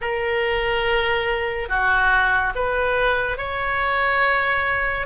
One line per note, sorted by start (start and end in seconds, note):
0.01 1.68 A#4
1.68 2.53 F#4
2.55 3.37 B4
3.37 5.06 C#5